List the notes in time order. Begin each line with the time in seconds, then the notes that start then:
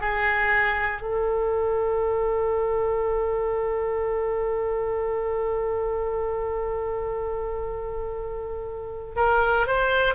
0.00 G#4
1.01 A4
9.16 A#4
9.67 C5